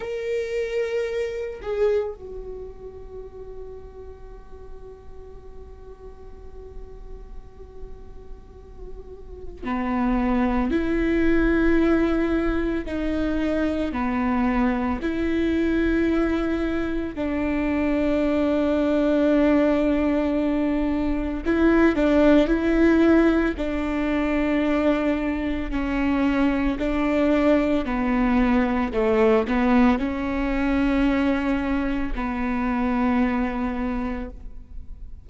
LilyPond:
\new Staff \with { instrumentName = "viola" } { \time 4/4 \tempo 4 = 56 ais'4. gis'8 fis'2~ | fis'1~ | fis'4 b4 e'2 | dis'4 b4 e'2 |
d'1 | e'8 d'8 e'4 d'2 | cis'4 d'4 b4 a8 b8 | cis'2 b2 | }